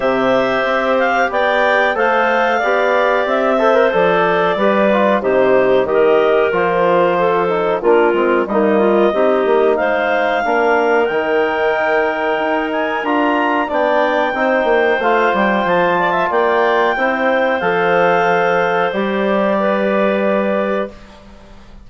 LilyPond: <<
  \new Staff \with { instrumentName = "clarinet" } { \time 4/4 \tempo 4 = 92 e''4. f''8 g''4 f''4~ | f''4 e''4 d''2 | c''4 dis''4 c''2 | ais'4 dis''2 f''4~ |
f''4 g''2~ g''8 gis''8 | ais''4 g''2 f''8 g''8 | a''4 g''2 f''4~ | f''4 d''2. | }
  \new Staff \with { instrumentName = "clarinet" } { \time 4/4 c''2 d''4 c''4 | d''4. c''4. b'4 | g'4 ais'2 a'4 | f'4 dis'8 f'8 g'4 c''4 |
ais'1~ | ais'4 d''4 c''2~ | c''8 d''16 e''16 d''4 c''2~ | c''2 b'2 | }
  \new Staff \with { instrumentName = "trombone" } { \time 4/4 g'2. a'4 | g'4. a'16 ais'16 a'4 g'8 f'8 | dis'4 g'4 f'4. dis'8 | d'8 c'8 ais4 dis'2 |
d'4 dis'2. | f'4 d'4 dis'4 f'4~ | f'2 e'4 a'4~ | a'4 g'2. | }
  \new Staff \with { instrumentName = "bassoon" } { \time 4/4 c4 c'4 b4 a4 | b4 c'4 f4 g4 | c4 dis4 f2 | ais8 gis8 g4 c'8 ais8 gis4 |
ais4 dis2 dis'4 | d'4 b4 c'8 ais8 a8 g8 | f4 ais4 c'4 f4~ | f4 g2. | }
>>